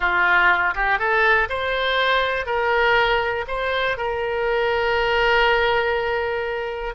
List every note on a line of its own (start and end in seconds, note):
0.00 0.74 F4
0.74 0.98 G4
0.98 1.48 A4
1.49 2.46 C5
2.46 3.45 A#4
3.47 3.97 C5
3.97 6.94 A#4